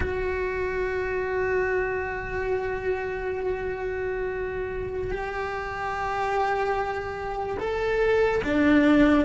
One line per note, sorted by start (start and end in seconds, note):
0.00 5.11 F#4
5.11 7.57 G4
7.59 8.41 A4
8.44 9.25 D4